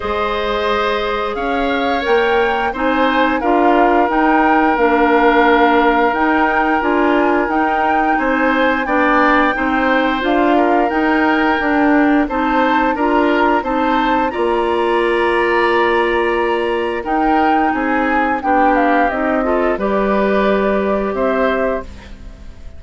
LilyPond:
<<
  \new Staff \with { instrumentName = "flute" } { \time 4/4 \tempo 4 = 88 dis''2 f''4 g''4 | gis''4 f''4 g''4 f''4~ | f''4 g''4 gis''4 g''4 | gis''4 g''2 f''4 |
g''2 a''4 ais''4 | a''4 ais''2.~ | ais''4 g''4 gis''4 g''8 f''8 | dis''4 d''2 e''4 | }
  \new Staff \with { instrumentName = "oboe" } { \time 4/4 c''2 cis''2 | c''4 ais'2.~ | ais'1 | c''4 d''4 c''4. ais'8~ |
ais'2 c''4 ais'4 | c''4 d''2.~ | d''4 ais'4 gis'4 g'4~ | g'8 a'8 b'2 c''4 | }
  \new Staff \with { instrumentName = "clarinet" } { \time 4/4 gis'2. ais'4 | dis'4 f'4 dis'4 d'4~ | d'4 dis'4 f'4 dis'4~ | dis'4 d'4 dis'4 f'4 |
dis'4 d'4 dis'4 f'4 | dis'4 f'2.~ | f'4 dis'2 d'4 | dis'8 f'8 g'2. | }
  \new Staff \with { instrumentName = "bassoon" } { \time 4/4 gis2 cis'4 ais4 | c'4 d'4 dis'4 ais4~ | ais4 dis'4 d'4 dis'4 | c'4 b4 c'4 d'4 |
dis'4 d'4 c'4 d'4 | c'4 ais2.~ | ais4 dis'4 c'4 b4 | c'4 g2 c'4 | }
>>